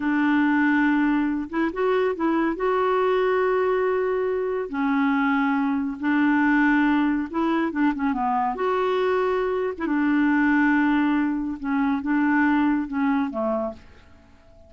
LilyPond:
\new Staff \with { instrumentName = "clarinet" } { \time 4/4 \tempo 4 = 140 d'2.~ d'8 e'8 | fis'4 e'4 fis'2~ | fis'2. cis'4~ | cis'2 d'2~ |
d'4 e'4 d'8 cis'8 b4 | fis'2~ fis'8. e'16 d'4~ | d'2. cis'4 | d'2 cis'4 a4 | }